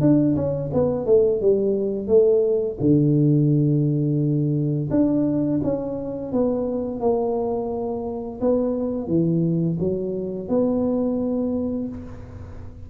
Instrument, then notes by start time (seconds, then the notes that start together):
tuba
0.00 D4
0.35 C#4
0.73 B3
1.06 A3
1.40 G3
2.07 A3
2.80 D3
4.90 D4
5.63 C#4
6.32 B3
7.00 A#3
8.40 B3
9.07 E3
9.79 F#3
10.48 B3